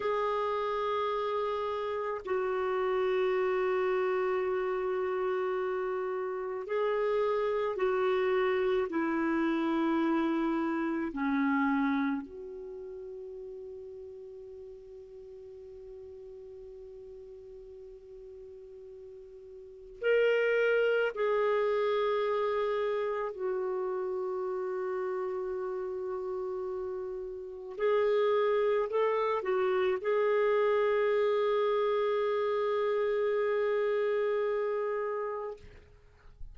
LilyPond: \new Staff \with { instrumentName = "clarinet" } { \time 4/4 \tempo 4 = 54 gis'2 fis'2~ | fis'2 gis'4 fis'4 | e'2 cis'4 fis'4~ | fis'1~ |
fis'2 ais'4 gis'4~ | gis'4 fis'2.~ | fis'4 gis'4 a'8 fis'8 gis'4~ | gis'1 | }